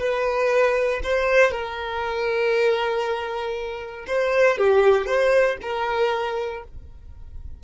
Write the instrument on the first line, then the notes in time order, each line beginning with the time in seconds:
violin
0.00 B4
1.04 C5
1.52 A#4
4.07 C5
4.58 G4
5.07 C5
5.62 A#4